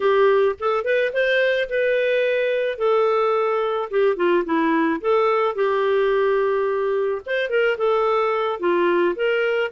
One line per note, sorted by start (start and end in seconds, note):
0.00 0.55 G4
0.59 0.84 A4
0.84 1.12 B4
1.13 1.68 C5
1.69 2.78 B4
2.78 3.89 A4
3.90 4.16 G4
4.16 4.44 F4
4.44 5.00 E4
5.00 5.55 A4
5.55 7.21 G4
7.26 7.49 C5
7.49 7.77 A#4
7.77 8.59 A4
8.59 9.15 F4
9.15 9.71 A#4